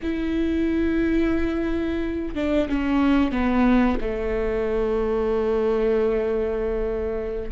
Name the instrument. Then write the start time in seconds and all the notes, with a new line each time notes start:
viola
0.02 E4
2.35 D4
2.68 C#4
3.31 B3
4.01 A3